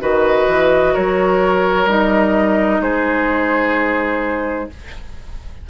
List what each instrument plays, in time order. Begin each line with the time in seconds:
0.00 bassoon D#3, clarinet F#4, oboe B4, flute D#5
0.48 bassoon E3
0.94 bassoon F#3, oboe A#4, flute C#5
1.86 bassoon G3, clarinet D#4, flute D#5
2.81 bassoon G#3, oboe G#4, flute C5